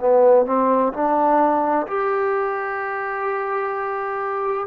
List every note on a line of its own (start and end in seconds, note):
0.00 0.46 B3
0.46 0.93 C4
0.93 1.87 D4
1.87 4.67 G4